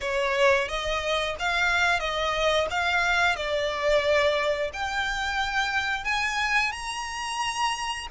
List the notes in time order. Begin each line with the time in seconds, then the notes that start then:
0.00 C#5
0.68 D#5
1.39 F5
1.99 D#5
2.70 F5
3.36 D5
4.73 G5
6.04 G#5
6.72 A#5